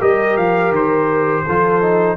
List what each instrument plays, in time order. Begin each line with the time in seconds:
0.00 tuba G3, trombone G4, horn A#4, trumpet D#5
0.37 tuba F3, trumpet F5
0.70 tuba D#3, trumpet C5
1.45 tuba F3, trombone F4, horn A4
1.81 trombone D#4